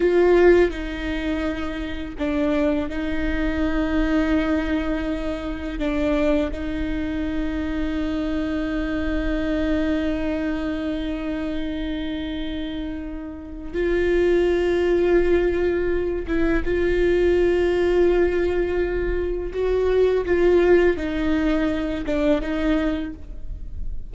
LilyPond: \new Staff \with { instrumentName = "viola" } { \time 4/4 \tempo 4 = 83 f'4 dis'2 d'4 | dis'1 | d'4 dis'2.~ | dis'1~ |
dis'2. f'4~ | f'2~ f'8 e'8 f'4~ | f'2. fis'4 | f'4 dis'4. d'8 dis'4 | }